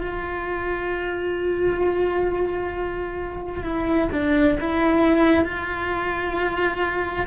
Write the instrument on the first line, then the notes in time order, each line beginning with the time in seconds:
cello
0.00 F4
3.63 E4
4.12 D4
4.60 E4
5.44 F4